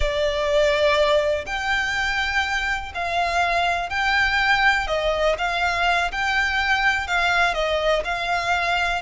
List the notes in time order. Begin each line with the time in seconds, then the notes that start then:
0.00 D5
1.46 G5
2.94 F5
3.89 G5
4.87 D#5
5.38 F5
6.11 G5
7.07 F5
7.54 D#5
8.04 F5